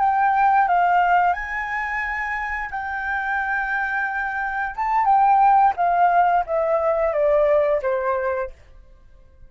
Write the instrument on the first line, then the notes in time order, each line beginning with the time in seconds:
flute
0.00 G5
0.68 F5
1.33 G#5
2.71 G5
4.76 A5
5.05 G5
5.76 F5
6.46 E5
7.13 D5
7.82 C5